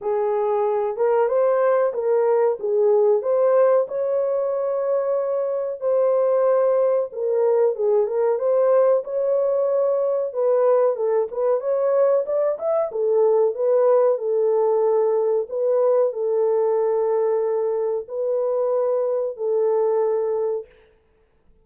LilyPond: \new Staff \with { instrumentName = "horn" } { \time 4/4 \tempo 4 = 93 gis'4. ais'8 c''4 ais'4 | gis'4 c''4 cis''2~ | cis''4 c''2 ais'4 | gis'8 ais'8 c''4 cis''2 |
b'4 a'8 b'8 cis''4 d''8 e''8 | a'4 b'4 a'2 | b'4 a'2. | b'2 a'2 | }